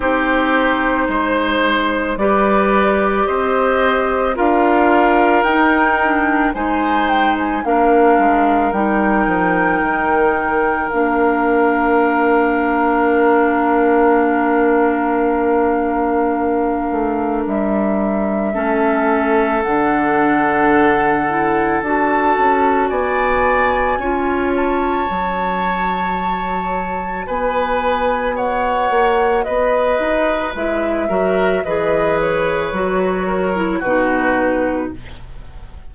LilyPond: <<
  \new Staff \with { instrumentName = "flute" } { \time 4/4 \tempo 4 = 55 c''2 d''4 dis''4 | f''4 g''4 gis''8 g''16 gis''16 f''4 | g''2 f''2~ | f''1 |
e''2 fis''2 | a''4 gis''4. a''4.~ | a''4 gis''4 fis''4 dis''4 | e''4 dis''8 cis''4. b'4 | }
  \new Staff \with { instrumentName = "oboe" } { \time 4/4 g'4 c''4 b'4 c''4 | ais'2 c''4 ais'4~ | ais'1~ | ais'1~ |
ais'4 a'2.~ | a'4 d''4 cis''2~ | cis''4 b'4 cis''4 b'4~ | b'8 ais'8 b'4. ais'8 fis'4 | }
  \new Staff \with { instrumentName = "clarinet" } { \time 4/4 dis'2 g'2 | f'4 dis'8 d'8 dis'4 d'4 | dis'2 d'2~ | d'1~ |
d'4 cis'4 d'4. e'8 | fis'2 f'4 fis'4~ | fis'1 | e'8 fis'8 gis'4 fis'8. e'16 dis'4 | }
  \new Staff \with { instrumentName = "bassoon" } { \time 4/4 c'4 gis4 g4 c'4 | d'4 dis'4 gis4 ais8 gis8 | g8 f8 dis4 ais2~ | ais2.~ ais8 a8 |
g4 a4 d2 | d'8 cis'8 b4 cis'4 fis4~ | fis4 b4. ais8 b8 dis'8 | gis8 fis8 e4 fis4 b,4 | }
>>